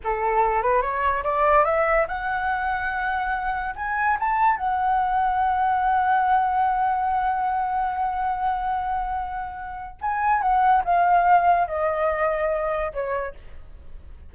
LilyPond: \new Staff \with { instrumentName = "flute" } { \time 4/4 \tempo 4 = 144 a'4. b'8 cis''4 d''4 | e''4 fis''2.~ | fis''4 gis''4 a''4 fis''4~ | fis''1~ |
fis''1~ | fis''1 | gis''4 fis''4 f''2 | dis''2. cis''4 | }